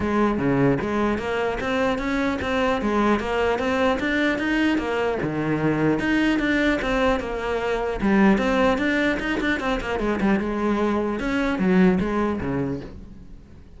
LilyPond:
\new Staff \with { instrumentName = "cello" } { \time 4/4 \tempo 4 = 150 gis4 cis4 gis4 ais4 | c'4 cis'4 c'4 gis4 | ais4 c'4 d'4 dis'4 | ais4 dis2 dis'4 |
d'4 c'4 ais2 | g4 c'4 d'4 dis'8 d'8 | c'8 ais8 gis8 g8 gis2 | cis'4 fis4 gis4 cis4 | }